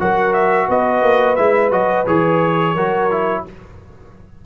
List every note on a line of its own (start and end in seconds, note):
0.00 0.69 F#3
0.00 1.38 F#4
0.00 0.68 A#4
0.00 0.34 F#5
0.34 0.68 E5
0.68 1.03 B3
0.68 2.75 B4
0.68 1.36 D#5
1.03 1.37 A#3
1.36 1.71 G#3
1.36 1.72 E4
1.36 1.71 E5
1.71 2.05 F#3
1.71 2.06 F#4
1.71 2.06 D#5
2.07 2.76 E3
2.07 2.76 G#4
2.07 3.45 C#5
2.75 3.45 F#3
2.75 3.11 F#4
2.75 3.44 A#4
3.11 3.46 E4